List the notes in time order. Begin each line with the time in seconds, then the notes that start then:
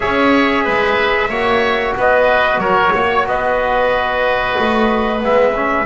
0.00 C#4 G#4 C#5 E5
0.64 G#3 B4
1.29 A#3 F#4 C#5
1.96 B3 B4 D#5
2.57 F#3 A#4 C#5
2.95 A#3 C#5
3.26 B3 B4 D#5
4.59 A3
5.19 G#3 B3 E5
5.55 C#4